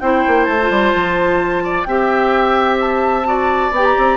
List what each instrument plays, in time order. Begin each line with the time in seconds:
0.00 bassoon C4, clarinet E4, oboe C5, flute G5
0.27 bassoon A#3
0.44 bassoon A3, flute A5
0.61 clarinet F4
0.70 bassoon G3
0.94 bassoon F3
1.63 oboe D5
1.84 bassoon C4, clarinet G4, oboe E5, flute G5
2.80 flute A5
3.25 clarinet F#4, oboe D5
3.71 bassoon B3, flute G5
3.78 clarinet G4
3.84 flute A#5
3.98 bassoon C4